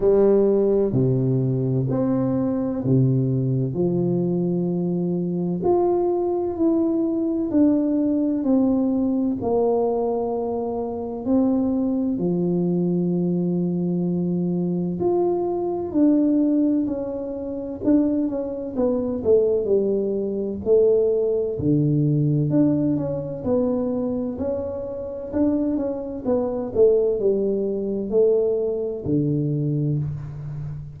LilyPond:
\new Staff \with { instrumentName = "tuba" } { \time 4/4 \tempo 4 = 64 g4 c4 c'4 c4 | f2 f'4 e'4 | d'4 c'4 ais2 | c'4 f2. |
f'4 d'4 cis'4 d'8 cis'8 | b8 a8 g4 a4 d4 | d'8 cis'8 b4 cis'4 d'8 cis'8 | b8 a8 g4 a4 d4 | }